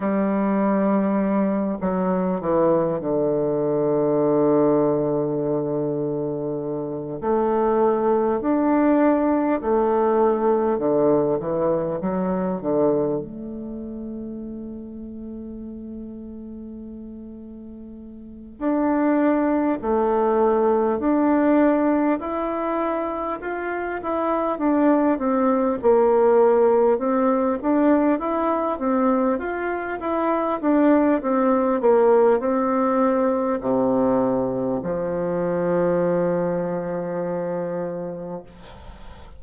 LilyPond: \new Staff \with { instrumentName = "bassoon" } { \time 4/4 \tempo 4 = 50 g4. fis8 e8 d4.~ | d2 a4 d'4 | a4 d8 e8 fis8 d8 a4~ | a2.~ a8 d'8~ |
d'8 a4 d'4 e'4 f'8 | e'8 d'8 c'8 ais4 c'8 d'8 e'8 | c'8 f'8 e'8 d'8 c'8 ais8 c'4 | c4 f2. | }